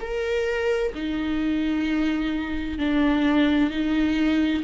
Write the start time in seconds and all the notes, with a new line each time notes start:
0.00 A#4
0.94 D#4
2.78 D4
3.70 D#4